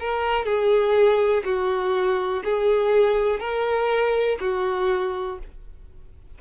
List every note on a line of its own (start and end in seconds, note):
0.00 0.45 A#4
0.45 1.44 G#4
1.45 2.43 F#4
2.45 3.40 G#4
3.40 4.38 A#4
4.41 5.39 F#4